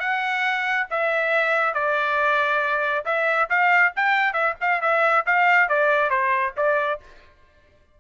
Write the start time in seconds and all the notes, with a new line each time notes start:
0.00 F#5
0.91 E5
1.74 D5
3.06 E5
3.50 F5
3.96 G5
4.33 E5
4.61 F5
4.81 E5
5.26 F5
5.69 D5
6.10 C5
6.57 D5